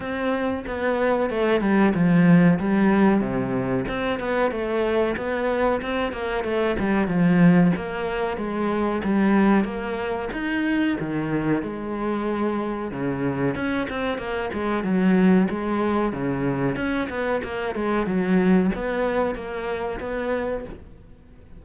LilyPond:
\new Staff \with { instrumentName = "cello" } { \time 4/4 \tempo 4 = 93 c'4 b4 a8 g8 f4 | g4 c4 c'8 b8 a4 | b4 c'8 ais8 a8 g8 f4 | ais4 gis4 g4 ais4 |
dis'4 dis4 gis2 | cis4 cis'8 c'8 ais8 gis8 fis4 | gis4 cis4 cis'8 b8 ais8 gis8 | fis4 b4 ais4 b4 | }